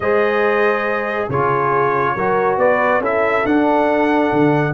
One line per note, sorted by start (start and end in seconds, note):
0.00 1.27 G#3
0.00 1.31 G#4
0.00 1.28 C5
0.00 1.29 D#5
1.28 2.15 C#3
1.28 2.18 F4
1.28 2.14 G#4
1.28 2.58 C#5
2.15 2.57 F#3
2.15 3.02 F#4
2.15 2.58 A#4
2.57 3.00 B3
2.57 3.00 B4
2.57 3.01 D5
3.00 3.43 C#4
3.00 3.44 E4
3.00 4.73 A4
3.00 3.46 E5
3.44 4.74 D4
3.44 4.31 D4
3.44 4.74 F#5
4.32 4.74 D3